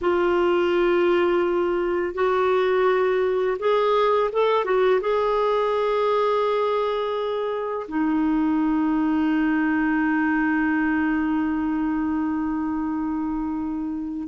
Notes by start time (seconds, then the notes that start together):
0.01 F4
2.14 F#4
3.59 G#4
4.32 A4
4.64 F#4
5.01 G#4
7.88 D#4